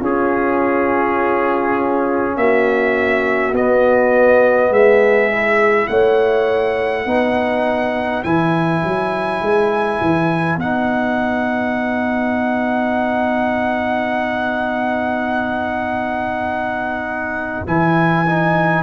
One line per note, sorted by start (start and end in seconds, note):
0.00 3.54 C#4
0.00 2.37 C#4
0.00 2.35 F4
0.00 2.37 G#4
2.37 3.53 A#3
2.37 4.72 F#4
2.37 3.55 E5
3.53 4.71 B3
3.53 5.31 B3
3.53 4.74 D#5
4.71 5.88 G#3
4.71 5.89 G#4
4.71 5.88 E5
5.31 7.07 E4
5.88 7.06 A3
5.88 7.05 C#5
5.88 8.23 F#5
7.05 8.24 B3
7.05 8.25 D#4
7.05 18.82 B4
8.24 8.84 E3
8.24 10.60 E4
8.24 10.59 G#5
8.84 9.42 F#3
9.42 10.01 G#3
10.01 10.57 E3
10.57 17.63 B3
10.57 17.67 D#4
10.57 17.66 F#5
17.67 18.83 E3
17.67 18.26 E4
17.67 18.83 G#5
18.27 18.83 D#4